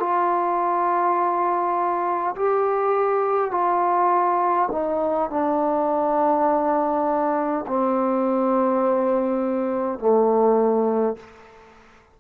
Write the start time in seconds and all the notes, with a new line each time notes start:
0.00 F4
2.36 G4
3.51 F4
4.72 D#4
5.30 D4
7.67 C4
9.99 A3